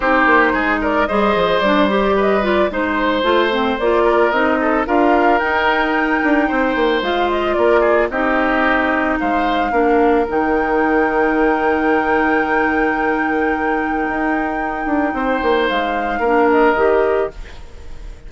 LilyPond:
<<
  \new Staff \with { instrumentName = "flute" } { \time 4/4 \tempo 4 = 111 c''4. d''8 dis''4 d''8 c''16 d''16 | dis''8 d''8 c''2 d''4 | dis''4 f''4 g''2~ | g''4 f''8 dis''8 d''4 dis''4~ |
dis''4 f''2 g''4~ | g''1~ | g''1~ | g''4 f''4. dis''4. | }
  \new Staff \with { instrumentName = "oboe" } { \time 4/4 g'4 gis'8 ais'8 c''2 | b'4 c''2~ c''8 ais'8~ | ais'8 a'8 ais'2. | c''2 ais'8 gis'8 g'4~ |
g'4 c''4 ais'2~ | ais'1~ | ais'1 | c''2 ais'2 | }
  \new Staff \with { instrumentName = "clarinet" } { \time 4/4 dis'2 gis'4 d'8 g'8~ | g'8 f'8 dis'4 f'8 c'8 f'4 | dis'4 f'4 dis'2~ | dis'4 f'2 dis'4~ |
dis'2 d'4 dis'4~ | dis'1~ | dis'1~ | dis'2 d'4 g'4 | }
  \new Staff \with { instrumentName = "bassoon" } { \time 4/4 c'8 ais8 gis4 g8 f8 g4~ | g4 gis4 a4 ais4 | c'4 d'4 dis'4. d'8 | c'8 ais8 gis4 ais4 c'4~ |
c'4 gis4 ais4 dis4~ | dis1~ | dis2 dis'4. d'8 | c'8 ais8 gis4 ais4 dis4 | }
>>